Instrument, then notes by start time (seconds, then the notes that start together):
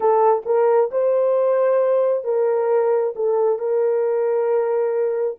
horn
0.00 A4
0.45 A#4
0.91 C5
2.23 A#4
3.15 A4
3.58 A#4